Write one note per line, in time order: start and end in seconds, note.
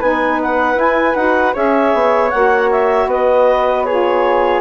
0.00 0.76 B3
0.00 0.76 D#4
0.00 1.54 B4
0.00 0.40 G#5
0.42 0.80 F#5
0.76 1.14 E4
0.76 1.15 G#5
1.15 1.54 D#4
1.15 1.54 F#4
1.15 1.54 F#5
1.54 1.94 C#4
1.54 2.30 G#4
1.54 3.08 C#5
1.54 2.30 E5
1.94 2.33 B3
2.30 3.07 A#3
2.30 3.87 F#4
2.30 2.69 F#5
2.71 3.10 E5
3.07 4.60 B3
3.07 3.86 B4
3.07 3.84 D#5
3.84 4.61 F4
3.84 4.61 G#4
3.84 4.61 C#5